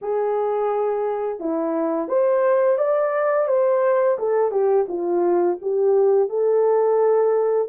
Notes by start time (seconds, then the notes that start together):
0.01 G#4
1.39 E4
2.08 C5
2.78 D5
3.47 C5
4.19 A4
4.51 G4
4.88 F4
5.61 G4
6.29 A4